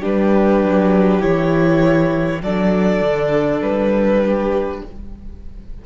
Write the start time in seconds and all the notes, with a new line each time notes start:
0.00 G3 D4 G4 B4
0.63 F#3
1.22 E3 E4 C#5
2.42 F#3 D4 A4 D5
3.02 D3
3.62 G3 B4
4.25 G4